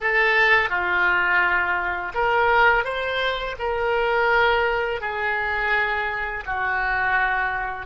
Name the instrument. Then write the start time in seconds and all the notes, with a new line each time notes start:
oboe
0.00 A4
0.69 F4
2.14 A#4
2.84 C5
3.58 A#4
5.01 G#4
6.45 F#4